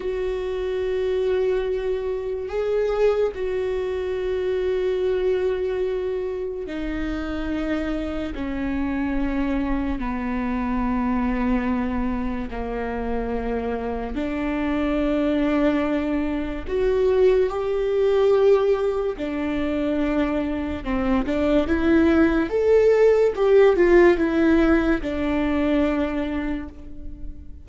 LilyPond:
\new Staff \with { instrumentName = "viola" } { \time 4/4 \tempo 4 = 72 fis'2. gis'4 | fis'1 | dis'2 cis'2 | b2. ais4~ |
ais4 d'2. | fis'4 g'2 d'4~ | d'4 c'8 d'8 e'4 a'4 | g'8 f'8 e'4 d'2 | }